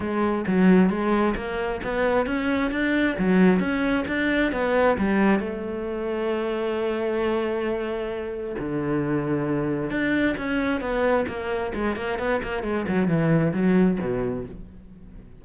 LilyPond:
\new Staff \with { instrumentName = "cello" } { \time 4/4 \tempo 4 = 133 gis4 fis4 gis4 ais4 | b4 cis'4 d'4 fis4 | cis'4 d'4 b4 g4 | a1~ |
a2. d4~ | d2 d'4 cis'4 | b4 ais4 gis8 ais8 b8 ais8 | gis8 fis8 e4 fis4 b,4 | }